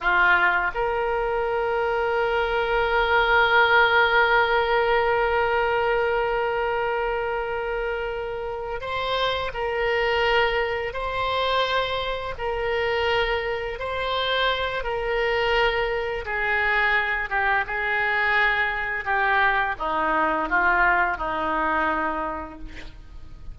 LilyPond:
\new Staff \with { instrumentName = "oboe" } { \time 4/4 \tempo 4 = 85 f'4 ais'2.~ | ais'1~ | ais'1~ | ais'8 c''4 ais'2 c''8~ |
c''4. ais'2 c''8~ | c''4 ais'2 gis'4~ | gis'8 g'8 gis'2 g'4 | dis'4 f'4 dis'2 | }